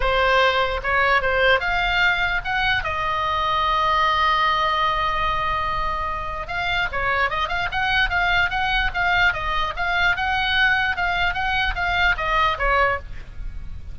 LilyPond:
\new Staff \with { instrumentName = "oboe" } { \time 4/4 \tempo 4 = 148 c''2 cis''4 c''4 | f''2 fis''4 dis''4~ | dis''1~ | dis''1 |
f''4 cis''4 dis''8 f''8 fis''4 | f''4 fis''4 f''4 dis''4 | f''4 fis''2 f''4 | fis''4 f''4 dis''4 cis''4 | }